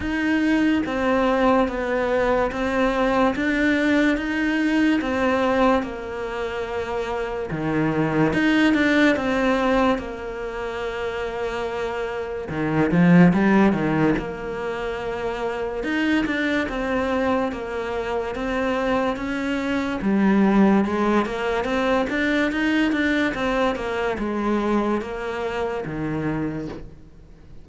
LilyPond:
\new Staff \with { instrumentName = "cello" } { \time 4/4 \tempo 4 = 72 dis'4 c'4 b4 c'4 | d'4 dis'4 c'4 ais4~ | ais4 dis4 dis'8 d'8 c'4 | ais2. dis8 f8 |
g8 dis8 ais2 dis'8 d'8 | c'4 ais4 c'4 cis'4 | g4 gis8 ais8 c'8 d'8 dis'8 d'8 | c'8 ais8 gis4 ais4 dis4 | }